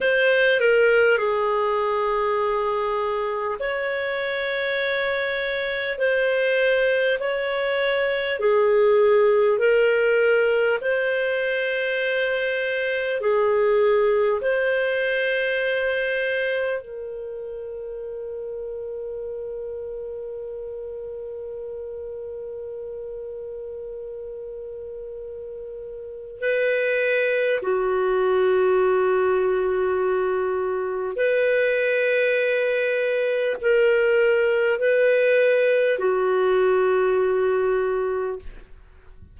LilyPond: \new Staff \with { instrumentName = "clarinet" } { \time 4/4 \tempo 4 = 50 c''8 ais'8 gis'2 cis''4~ | cis''4 c''4 cis''4 gis'4 | ais'4 c''2 gis'4 | c''2 ais'2~ |
ais'1~ | ais'2 b'4 fis'4~ | fis'2 b'2 | ais'4 b'4 fis'2 | }